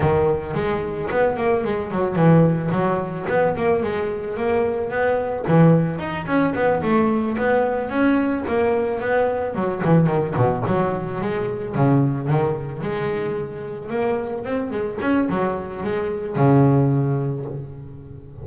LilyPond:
\new Staff \with { instrumentName = "double bass" } { \time 4/4 \tempo 4 = 110 dis4 gis4 b8 ais8 gis8 fis8 | e4 fis4 b8 ais8 gis4 | ais4 b4 e4 dis'8 cis'8 | b8 a4 b4 cis'4 ais8~ |
ais8 b4 fis8 e8 dis8 b,8 fis8~ | fis8 gis4 cis4 dis4 gis8~ | gis4. ais4 c'8 gis8 cis'8 | fis4 gis4 cis2 | }